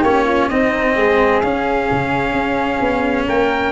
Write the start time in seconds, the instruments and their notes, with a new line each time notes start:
0.00 tuba A#3, cello C#4, flute G4, trumpet C#5
0.25 flute F4
0.49 tuba C4, cello C4, flute D#4, trumpet D#5
0.96 tuba G#3, flute G#4
1.40 tuba C#4, cello C#4, trumpet F5
1.91 tuba C#3
2.32 tuba C#4
2.80 tuba B3
3.26 tuba A#3, flute A#4, trumpet G5